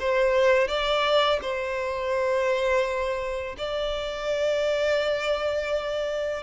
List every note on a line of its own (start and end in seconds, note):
0.00 0.68 C5
0.68 1.40 D5
1.42 3.56 C5
3.58 6.44 D5